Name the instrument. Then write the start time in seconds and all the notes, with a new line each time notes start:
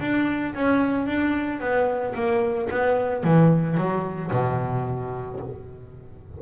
double bass
0.00 D4
0.55 C#4
1.06 D4
1.60 B3
2.15 A#3
2.71 B3
3.24 E3
3.77 F#3
4.32 B2